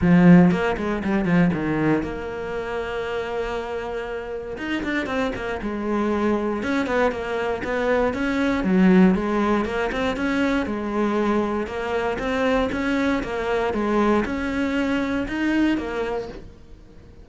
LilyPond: \new Staff \with { instrumentName = "cello" } { \time 4/4 \tempo 4 = 118 f4 ais8 gis8 g8 f8 dis4 | ais1~ | ais4 dis'8 d'8 c'8 ais8 gis4~ | gis4 cis'8 b8 ais4 b4 |
cis'4 fis4 gis4 ais8 c'8 | cis'4 gis2 ais4 | c'4 cis'4 ais4 gis4 | cis'2 dis'4 ais4 | }